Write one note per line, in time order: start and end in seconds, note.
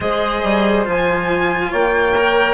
0.00 0.41 G#3
0.00 0.84 G#4
0.00 1.71 C5
0.00 0.86 D#5
0.43 0.86 G3
0.84 1.72 F3
0.84 2.13 F4
0.84 1.72 G#5
1.71 2.54 A#3
1.71 2.54 C#5
1.71 2.54 G5
2.16 2.54 A#4